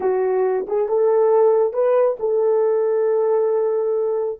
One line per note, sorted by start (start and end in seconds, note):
0.00 0.66 F#4
0.67 0.88 G#4
0.88 1.73 A4
1.73 2.17 B4
2.19 4.40 A4